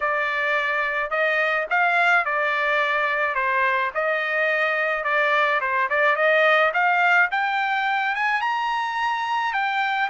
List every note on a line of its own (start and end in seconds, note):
0.00 1.10 D5
1.10 1.66 D#5
1.70 2.25 F5
2.25 3.35 D5
3.35 3.91 C5
3.94 5.04 D#5
5.04 5.60 D5
5.60 5.88 C5
5.89 6.16 D5
6.16 6.72 D#5
6.73 7.29 F5
7.31 8.15 G5
8.15 8.41 G#5
8.41 9.53 A#5
9.53 10.09 G5